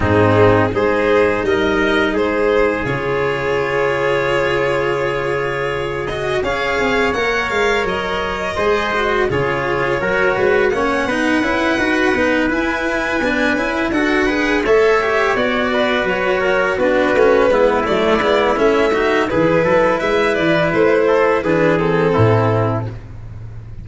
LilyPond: <<
  \new Staff \with { instrumentName = "violin" } { \time 4/4 \tempo 4 = 84 gis'4 c''4 dis''4 c''4 | cis''1~ | cis''8 dis''8 f''4 fis''8 f''8 dis''4~ | dis''4 cis''2 fis''4~ |
fis''4. gis''2 fis''8~ | fis''8 e''4 d''4 cis''4 b'8~ | b'4 d''4 e''4 b'4 | e''8 d''8 c''4 b'8 a'4. | }
  \new Staff \with { instrumentName = "trumpet" } { \time 4/4 dis'4 gis'4 ais'4 gis'4~ | gis'1~ | gis'4 cis''2. | c''4 gis'4 ais'8 b'8 cis''8 b'8~ |
b'2.~ b'8 a'8 | b'8 cis''4. b'4 ais'8 fis'8~ | fis'8 e'2 fis'8 gis'8 a'8 | b'4. a'8 gis'4 e'4 | }
  \new Staff \with { instrumentName = "cello" } { \time 4/4 c'4 dis'2. | f'1~ | f'8 fis'8 gis'4 ais'2 | gis'8 fis'8 f'4 fis'4 cis'8 dis'8 |
e'8 fis'8 dis'8 e'4 d'8 e'8 fis'8 | gis'8 a'8 g'8 fis'2 d'8 | cis'8 b8 a8 b8 cis'8 dis'8 e'4~ | e'2 d'8 c'4. | }
  \new Staff \with { instrumentName = "tuba" } { \time 4/4 gis,4 gis4 g4 gis4 | cis1~ | cis4 cis'8 c'8 ais8 gis8 fis4 | gis4 cis4 fis8 gis8 ais8 b8 |
cis'8 dis'8 b8 e'4 b8 cis'8 d'8~ | d'8 a4 b4 fis4 b8 | a8 gis8 fis8 gis8 a4 e8 fis8 | gis8 e8 a4 e4 a,4 | }
>>